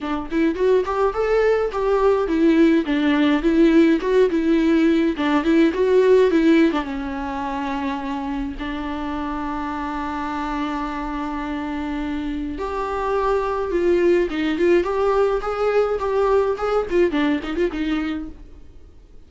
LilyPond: \new Staff \with { instrumentName = "viola" } { \time 4/4 \tempo 4 = 105 d'8 e'8 fis'8 g'8 a'4 g'4 | e'4 d'4 e'4 fis'8 e'8~ | e'4 d'8 e'8 fis'4 e'8. d'16 | cis'2. d'4~ |
d'1~ | d'2 g'2 | f'4 dis'8 f'8 g'4 gis'4 | g'4 gis'8 f'8 d'8 dis'16 f'16 dis'4 | }